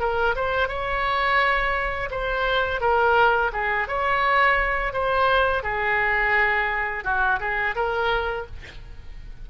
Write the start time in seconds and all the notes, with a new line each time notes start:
0.00 A#4
0.36 C5
0.68 C#5
2.11 C5
2.81 A#4
3.53 G#4
3.88 C#5
4.93 C5
5.63 G#4
7.04 F#4
7.40 G#4
7.76 A#4